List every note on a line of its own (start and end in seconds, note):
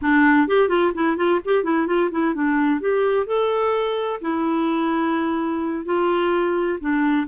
0.01 0.47 D4
0.47 0.69 G4
0.69 0.92 F4
0.94 1.16 E4
1.16 1.40 F4
1.44 1.63 G4
1.63 1.86 E4
1.86 2.10 F4
2.11 2.34 E4
2.34 2.80 D4
2.80 3.26 G4
3.26 4.20 A4
4.21 5.85 E4
5.85 6.78 F4
6.80 7.27 D4